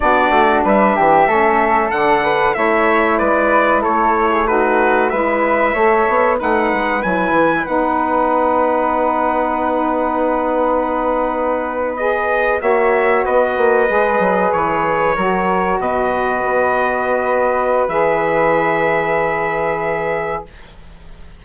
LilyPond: <<
  \new Staff \with { instrumentName = "trumpet" } { \time 4/4 \tempo 4 = 94 d''4 e''2 fis''4 | e''4 d''4 cis''4 b'4 | e''2 fis''4 gis''4 | fis''1~ |
fis''2~ fis''8. dis''4 e''16~ | e''8. dis''2 cis''4~ cis''16~ | cis''8. dis''2.~ dis''16 | e''1 | }
  \new Staff \with { instrumentName = "flute" } { \time 4/4 fis'4 b'8 g'8 a'4. b'8 | cis''4 b'4 a'8. gis'16 fis'4 | b'4 cis''4 b'2~ | b'1~ |
b'2.~ b'8. cis''16~ | cis''8. b'2. ais'16~ | ais'8. b'2.~ b'16~ | b'1 | }
  \new Staff \with { instrumentName = "saxophone" } { \time 4/4 d'2 cis'4 d'4 | e'2. dis'4 | e'4 a'4 dis'4 e'4 | dis'1~ |
dis'2~ dis'8. gis'4 fis'16~ | fis'4.~ fis'16 gis'2 fis'16~ | fis'1 | gis'1 | }
  \new Staff \with { instrumentName = "bassoon" } { \time 4/4 b8 a8 g8 e8 a4 d4 | a4 gis4 a2 | gis4 a8 b8 a8 gis8 fis8 e8 | b1~ |
b2.~ b8. ais16~ | ais8. b8 ais8 gis8 fis8 e4 fis16~ | fis8. b,4 b2~ b16 | e1 | }
>>